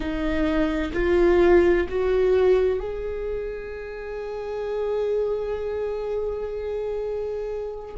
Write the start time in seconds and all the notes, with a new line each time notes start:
0.00 D#4
0.93 F4
1.88 F#4
2.79 G#4